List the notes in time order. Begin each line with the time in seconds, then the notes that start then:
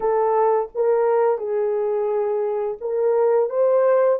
0.00 A4
0.74 A#4
1.38 G#4
2.81 A#4
3.49 C5